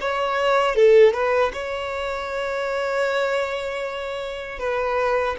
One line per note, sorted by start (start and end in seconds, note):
0.00 0.75 C#5
0.75 1.13 A4
1.13 1.51 B4
1.52 4.59 C#5
4.59 5.36 B4